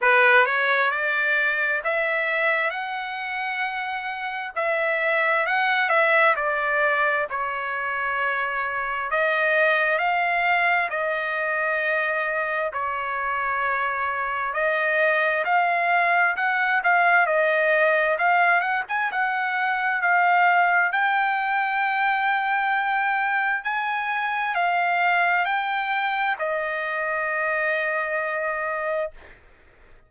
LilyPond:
\new Staff \with { instrumentName = "trumpet" } { \time 4/4 \tempo 4 = 66 b'8 cis''8 d''4 e''4 fis''4~ | fis''4 e''4 fis''8 e''8 d''4 | cis''2 dis''4 f''4 | dis''2 cis''2 |
dis''4 f''4 fis''8 f''8 dis''4 | f''8 fis''16 gis''16 fis''4 f''4 g''4~ | g''2 gis''4 f''4 | g''4 dis''2. | }